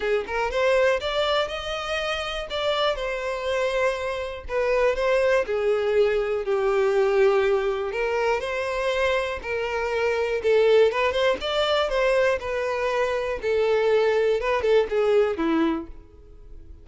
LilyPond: \new Staff \with { instrumentName = "violin" } { \time 4/4 \tempo 4 = 121 gis'8 ais'8 c''4 d''4 dis''4~ | dis''4 d''4 c''2~ | c''4 b'4 c''4 gis'4~ | gis'4 g'2. |
ais'4 c''2 ais'4~ | ais'4 a'4 b'8 c''8 d''4 | c''4 b'2 a'4~ | a'4 b'8 a'8 gis'4 e'4 | }